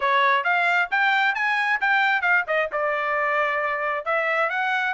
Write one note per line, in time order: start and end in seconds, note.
0.00 0.44 C#5
0.44 0.88 F5
0.90 1.34 G5
1.34 1.79 G#5
1.81 2.21 G5
2.21 2.44 F5
2.47 2.69 D#5
2.72 4.05 D5
4.05 4.49 E5
4.49 4.94 F#5